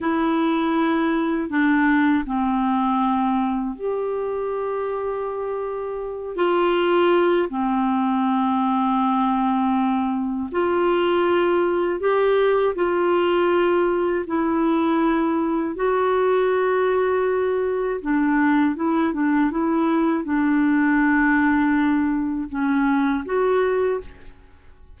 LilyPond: \new Staff \with { instrumentName = "clarinet" } { \time 4/4 \tempo 4 = 80 e'2 d'4 c'4~ | c'4 g'2.~ | g'8 f'4. c'2~ | c'2 f'2 |
g'4 f'2 e'4~ | e'4 fis'2. | d'4 e'8 d'8 e'4 d'4~ | d'2 cis'4 fis'4 | }